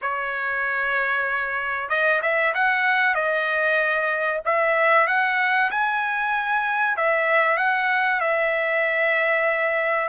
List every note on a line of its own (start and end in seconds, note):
0.01 1.89 C#5
1.89 2.20 D#5
2.22 2.53 E5
2.54 3.14 F#5
3.14 4.40 D#5
4.45 5.07 E5
5.07 5.70 F#5
5.70 6.96 G#5
6.96 7.57 E5
7.57 8.20 F#5
8.20 10.08 E5